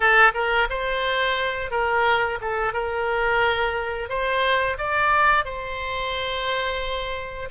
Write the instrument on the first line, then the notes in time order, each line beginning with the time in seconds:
oboe
0.00 A4
0.34 A#4
0.69 C5
1.70 A#4
2.41 A4
2.73 A#4
4.09 C5
4.77 D5
5.44 C5